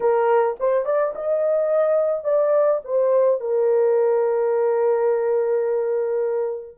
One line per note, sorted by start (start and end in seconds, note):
0.00 0.56 A#4
0.59 0.85 C5
0.85 1.13 D5
1.15 2.24 D#5
2.24 2.80 D5
2.84 3.40 C5
3.40 6.77 A#4